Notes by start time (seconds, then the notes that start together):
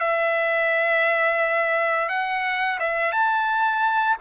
0.00 E5
2.09 F#5
2.80 E5
3.12 A5